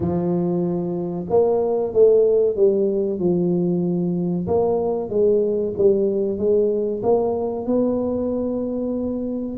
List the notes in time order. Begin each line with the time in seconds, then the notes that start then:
0.00 F3
1.29 A#3
1.93 A3
2.55 G3
3.19 F3
4.47 A#3
5.09 G#3
5.77 G3
6.37 G#3
7.02 A#3
7.66 B3